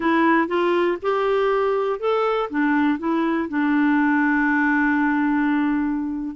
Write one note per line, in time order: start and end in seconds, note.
0.00 0.47 E4
0.47 0.97 F4
1.02 1.99 G4
1.99 2.49 A4
2.50 2.99 D4
2.99 3.49 E4
3.49 6.35 D4